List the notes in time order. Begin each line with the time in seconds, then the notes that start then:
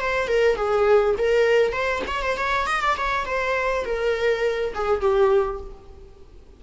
0.00 C5
0.27 A#4
0.56 G#4
1.17 A#4
1.72 C5
2.07 C#5
2.22 C5
2.37 C#5
2.66 D#5
2.81 D5
2.97 C#5
3.25 C5
3.84 A#4
4.74 G#4
5.01 G4